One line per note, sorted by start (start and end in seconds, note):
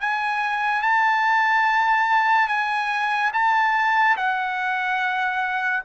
0.00 0.82 G#5
0.82 2.48 A5
2.48 3.31 G#5
3.33 4.16 A5
4.16 5.83 F#5